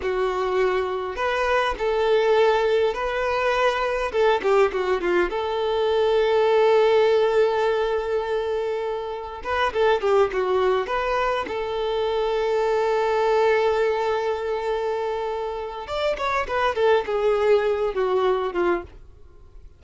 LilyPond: \new Staff \with { instrumentName = "violin" } { \time 4/4 \tempo 4 = 102 fis'2 b'4 a'4~ | a'4 b'2 a'8 g'8 | fis'8 f'8 a'2.~ | a'1 |
b'8 a'8 g'8 fis'4 b'4 a'8~ | a'1~ | a'2. d''8 cis''8 | b'8 a'8 gis'4. fis'4 f'8 | }